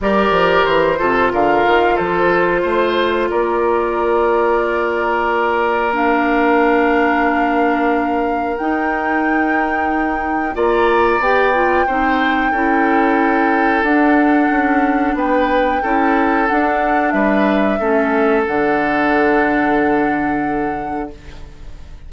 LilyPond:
<<
  \new Staff \with { instrumentName = "flute" } { \time 4/4 \tempo 4 = 91 d''4 c''4 f''4 c''4~ | c''4 d''2.~ | d''4 f''2.~ | f''4 g''2. |
ais''4 g''2.~ | g''4 fis''2 g''4~ | g''4 fis''4 e''2 | fis''1 | }
  \new Staff \with { instrumentName = "oboe" } { \time 4/4 ais'4. a'8 ais'4 a'4 | c''4 ais'2.~ | ais'1~ | ais'1 |
d''2 c''4 a'4~ | a'2. b'4 | a'2 b'4 a'4~ | a'1 | }
  \new Staff \with { instrumentName = "clarinet" } { \time 4/4 g'4. f'2~ f'8~ | f'1~ | f'4 d'2.~ | d'4 dis'2. |
f'4 g'8 f'8 dis'4 e'4~ | e'4 d'2. | e'4 d'2 cis'4 | d'1 | }
  \new Staff \with { instrumentName = "bassoon" } { \time 4/4 g8 f8 e8 c8 d8 dis8 f4 | a4 ais2.~ | ais1~ | ais4 dis'2. |
ais4 b4 c'4 cis'4~ | cis'4 d'4 cis'4 b4 | cis'4 d'4 g4 a4 | d1 | }
>>